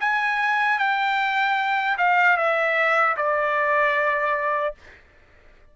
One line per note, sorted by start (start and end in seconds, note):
0.00 0.79 G#5
0.79 1.97 G5
1.98 2.37 F5
2.37 3.16 E5
3.17 4.74 D5